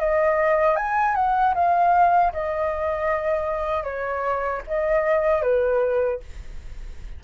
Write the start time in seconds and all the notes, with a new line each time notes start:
0.00 D#5
0.77 G#5
1.15 F#5
1.55 F5
2.33 D#5
3.84 C#5
4.68 D#5
5.43 B4